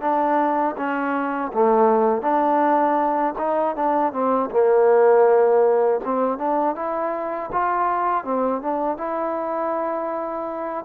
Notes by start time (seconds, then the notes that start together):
0.00 D4
0.76 C#4
1.53 A3
2.21 D4
3.38 D#4
3.75 D4
4.12 C4
4.50 A#3
6.04 C4
6.38 D4
6.75 E4
7.52 F4
8.24 C4
8.61 D4
8.97 E4